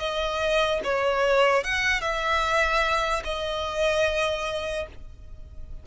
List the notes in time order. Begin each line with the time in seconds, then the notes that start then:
0.00 D#5
0.84 C#5
1.64 F#5
2.02 E5
3.25 D#5